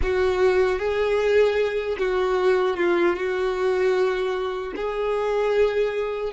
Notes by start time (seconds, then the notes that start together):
0.02 F#4
0.79 G#4
1.98 F#4
2.76 F4
3.16 F#4
4.75 G#4